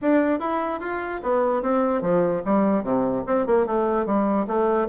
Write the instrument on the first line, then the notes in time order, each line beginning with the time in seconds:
bassoon
0.01 D4
0.39 E4
0.79 F4
1.23 B3
1.62 C4
2.01 F3
2.45 G3
2.83 C3
3.26 C4
3.46 A#3
3.66 A3
4.05 G3
4.47 A3